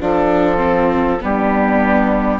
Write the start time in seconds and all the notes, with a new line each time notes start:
0.00 F3 D4 F4 A4
0.57 C4
1.21 G3 B3 D4 G4